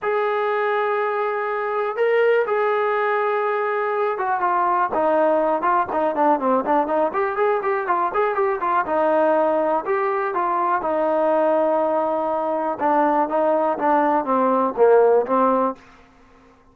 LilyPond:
\new Staff \with { instrumentName = "trombone" } { \time 4/4 \tempo 4 = 122 gis'1 | ais'4 gis'2.~ | gis'8 fis'8 f'4 dis'4. f'8 | dis'8 d'8 c'8 d'8 dis'8 g'8 gis'8 g'8 |
f'8 gis'8 g'8 f'8 dis'2 | g'4 f'4 dis'2~ | dis'2 d'4 dis'4 | d'4 c'4 ais4 c'4 | }